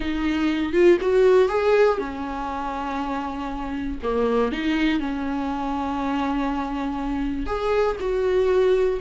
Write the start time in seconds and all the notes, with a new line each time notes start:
0.00 D#4
0.72 F4
1.01 F#4
1.48 G#4
1.98 C#4
4.02 A#3
4.51 D#4
4.99 C#4
7.46 G#4
8.00 F#4